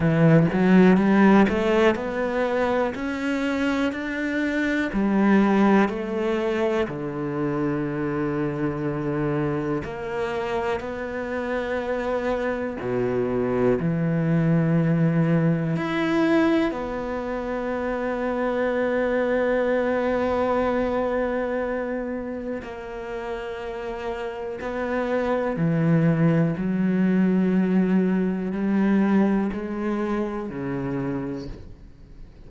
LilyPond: \new Staff \with { instrumentName = "cello" } { \time 4/4 \tempo 4 = 61 e8 fis8 g8 a8 b4 cis'4 | d'4 g4 a4 d4~ | d2 ais4 b4~ | b4 b,4 e2 |
e'4 b2.~ | b2. ais4~ | ais4 b4 e4 fis4~ | fis4 g4 gis4 cis4 | }